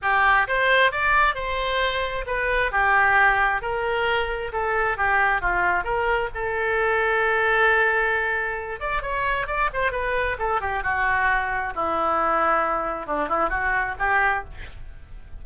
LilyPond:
\new Staff \with { instrumentName = "oboe" } { \time 4/4 \tempo 4 = 133 g'4 c''4 d''4 c''4~ | c''4 b'4 g'2 | ais'2 a'4 g'4 | f'4 ais'4 a'2~ |
a'2.~ a'8 d''8 | cis''4 d''8 c''8 b'4 a'8 g'8 | fis'2 e'2~ | e'4 d'8 e'8 fis'4 g'4 | }